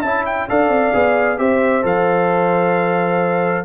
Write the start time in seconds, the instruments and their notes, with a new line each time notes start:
0.00 tuba C#4, trombone E4, horn E5, trumpet A5
0.26 trumpet G5
0.49 tuba D4, trombone A4, horn D5, trumpet F5
0.69 tuba C4
0.93 tuba B3, trombone G#4
1.37 tuba C4, trombone G4, horn C5, trumpet E5
1.83 tuba F3, trombone A4, trumpet F5